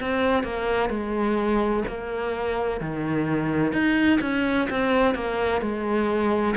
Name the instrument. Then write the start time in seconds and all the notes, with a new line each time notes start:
cello
0.00 C4
0.43 A#3
0.89 G#3
1.87 A#3
2.80 D#3
3.72 D#4
4.21 C#4
4.70 C4
5.14 A#3
5.61 G#3